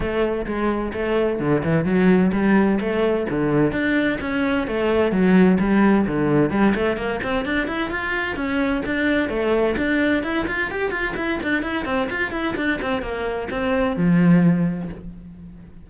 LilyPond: \new Staff \with { instrumentName = "cello" } { \time 4/4 \tempo 4 = 129 a4 gis4 a4 d8 e8 | fis4 g4 a4 d4 | d'4 cis'4 a4 fis4 | g4 d4 g8 a8 ais8 c'8 |
d'8 e'8 f'4 cis'4 d'4 | a4 d'4 e'8 f'8 g'8 f'8 | e'8 d'8 e'8 c'8 f'8 e'8 d'8 c'8 | ais4 c'4 f2 | }